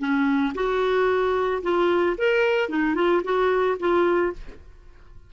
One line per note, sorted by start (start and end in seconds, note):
0.00 0.54 C#4
0.55 1.62 F#4
1.63 2.16 F4
2.18 2.70 A#4
2.70 2.95 D#4
2.95 3.22 F4
3.24 3.78 F#4
3.80 4.33 F4